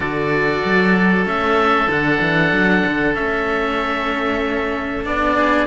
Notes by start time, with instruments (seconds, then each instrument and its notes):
0.00 cello D3 F#4, oboe A4 D5
0.64 cello F#3
1.25 cello A3 C#4, oboe E5
1.87 cello D3 D4, oboe F#5
2.21 cello E3
2.51 cello F#3
2.85 cello D3
3.15 cello A3 C#4, oboe E5
5.04 cello B3 D4, oboe D5
5.35 oboe G#4